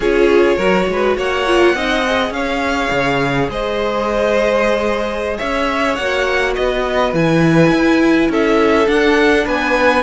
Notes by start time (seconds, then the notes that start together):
0.00 C#4 F4 G#4 C#5
0.56 F#3 F#4 A#4
0.88 G#3 B4
1.17 A#3 C#5 F#5
1.46 F4
1.74 C4 D#4 D#5
2.05 G#4
2.30 C#4 C#5 F5
2.91 C#3
3.48 G#3 C5 D#5
5.37 C#4 C#5 E5
5.95 A#3 F#4 F#5
6.55 B3 B4 D#5
7.13 E3 E4 G#5
7.71 E4
8.29 C#4 A4 E5
8.86 D4 F#5
9.44 B3 B4 G#5